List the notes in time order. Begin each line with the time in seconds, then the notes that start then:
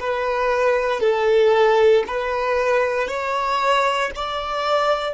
0.00 B4
1.00 A4
2.07 B4
3.08 C#5
4.16 D5